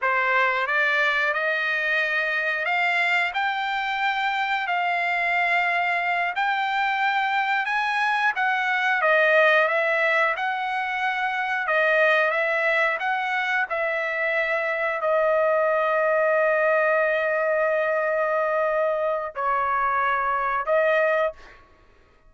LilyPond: \new Staff \with { instrumentName = "trumpet" } { \time 4/4 \tempo 4 = 90 c''4 d''4 dis''2 | f''4 g''2 f''4~ | f''4. g''2 gis''8~ | gis''8 fis''4 dis''4 e''4 fis''8~ |
fis''4. dis''4 e''4 fis''8~ | fis''8 e''2 dis''4.~ | dis''1~ | dis''4 cis''2 dis''4 | }